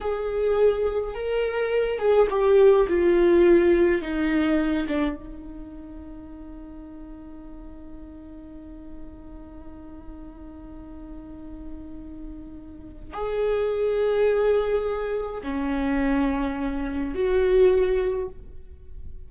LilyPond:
\new Staff \with { instrumentName = "viola" } { \time 4/4 \tempo 4 = 105 gis'2 ais'4. gis'8 | g'4 f'2 dis'4~ | dis'8 d'8 dis'2.~ | dis'1~ |
dis'1~ | dis'2. gis'4~ | gis'2. cis'4~ | cis'2 fis'2 | }